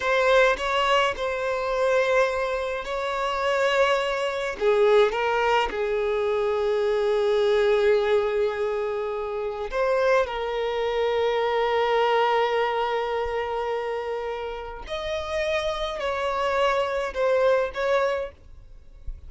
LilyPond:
\new Staff \with { instrumentName = "violin" } { \time 4/4 \tempo 4 = 105 c''4 cis''4 c''2~ | c''4 cis''2. | gis'4 ais'4 gis'2~ | gis'1~ |
gis'4 c''4 ais'2~ | ais'1~ | ais'2 dis''2 | cis''2 c''4 cis''4 | }